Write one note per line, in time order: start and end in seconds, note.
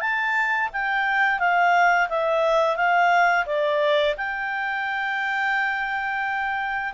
0.00 0.69 A5
0.72 1.39 G5
1.39 2.08 F5
2.09 2.76 E5
2.76 3.45 F5
3.46 4.15 D5
4.17 6.93 G5